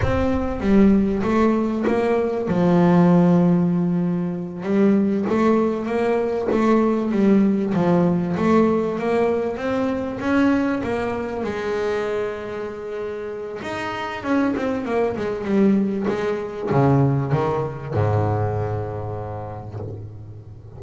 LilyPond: \new Staff \with { instrumentName = "double bass" } { \time 4/4 \tempo 4 = 97 c'4 g4 a4 ais4 | f2.~ f8 g8~ | g8 a4 ais4 a4 g8~ | g8 f4 a4 ais4 c'8~ |
c'8 cis'4 ais4 gis4.~ | gis2 dis'4 cis'8 c'8 | ais8 gis8 g4 gis4 cis4 | dis4 gis,2. | }